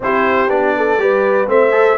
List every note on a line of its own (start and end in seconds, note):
0.00 0.49 C4
0.00 0.48 E4
0.00 0.76 G4
0.00 0.50 C5
0.48 0.97 B3
0.48 0.98 D4
0.48 1.49 D5
0.76 1.01 A4
0.97 1.47 G3
0.97 1.47 G4
0.97 1.49 B4
1.47 1.97 A3
1.47 1.71 C4
1.47 1.98 C5
1.47 1.98 E5
1.71 1.96 A4